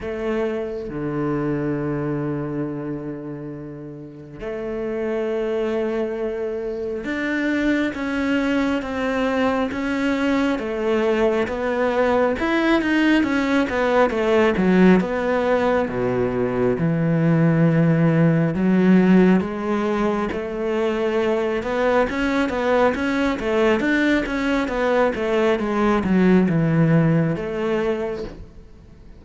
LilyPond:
\new Staff \with { instrumentName = "cello" } { \time 4/4 \tempo 4 = 68 a4 d2.~ | d4 a2. | d'4 cis'4 c'4 cis'4 | a4 b4 e'8 dis'8 cis'8 b8 |
a8 fis8 b4 b,4 e4~ | e4 fis4 gis4 a4~ | a8 b8 cis'8 b8 cis'8 a8 d'8 cis'8 | b8 a8 gis8 fis8 e4 a4 | }